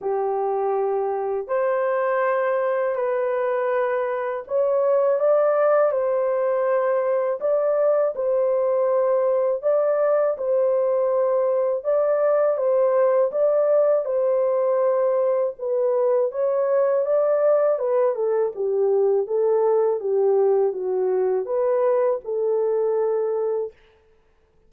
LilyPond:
\new Staff \with { instrumentName = "horn" } { \time 4/4 \tempo 4 = 81 g'2 c''2 | b'2 cis''4 d''4 | c''2 d''4 c''4~ | c''4 d''4 c''2 |
d''4 c''4 d''4 c''4~ | c''4 b'4 cis''4 d''4 | b'8 a'8 g'4 a'4 g'4 | fis'4 b'4 a'2 | }